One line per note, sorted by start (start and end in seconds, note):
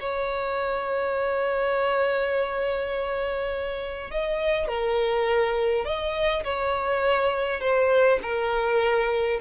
0.00 4.11 C#5
4.11 4.68 D#5
4.68 5.85 A#4
5.85 6.44 D#5
6.44 7.60 C#5
7.60 8.19 C5
8.22 9.40 A#4